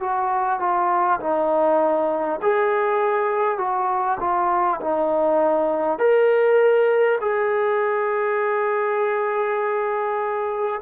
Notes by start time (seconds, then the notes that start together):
0.00 F#4
0.59 F4
1.20 D#4
2.42 G#4
3.57 F#4
4.20 F4
4.81 D#4
5.98 A#4
7.20 G#4